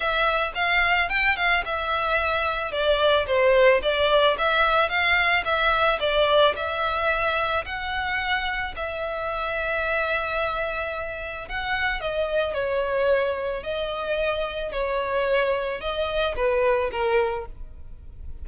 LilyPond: \new Staff \with { instrumentName = "violin" } { \time 4/4 \tempo 4 = 110 e''4 f''4 g''8 f''8 e''4~ | e''4 d''4 c''4 d''4 | e''4 f''4 e''4 d''4 | e''2 fis''2 |
e''1~ | e''4 fis''4 dis''4 cis''4~ | cis''4 dis''2 cis''4~ | cis''4 dis''4 b'4 ais'4 | }